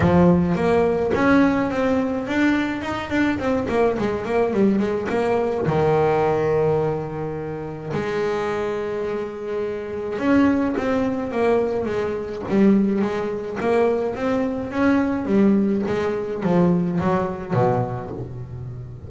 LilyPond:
\new Staff \with { instrumentName = "double bass" } { \time 4/4 \tempo 4 = 106 f4 ais4 cis'4 c'4 | d'4 dis'8 d'8 c'8 ais8 gis8 ais8 | g8 gis8 ais4 dis2~ | dis2 gis2~ |
gis2 cis'4 c'4 | ais4 gis4 g4 gis4 | ais4 c'4 cis'4 g4 | gis4 f4 fis4 b,4 | }